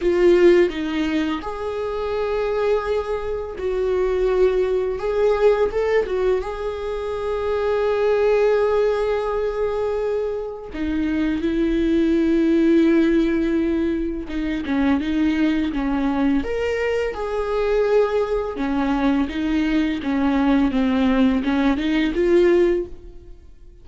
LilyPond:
\new Staff \with { instrumentName = "viola" } { \time 4/4 \tempo 4 = 84 f'4 dis'4 gis'2~ | gis'4 fis'2 gis'4 | a'8 fis'8 gis'2.~ | gis'2. dis'4 |
e'1 | dis'8 cis'8 dis'4 cis'4 ais'4 | gis'2 cis'4 dis'4 | cis'4 c'4 cis'8 dis'8 f'4 | }